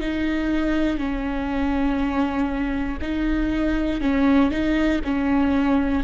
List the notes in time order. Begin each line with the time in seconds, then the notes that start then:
0.00 D#4
0.98 C#4
3.01 D#4
4.01 C#4
4.51 D#4
5.04 C#4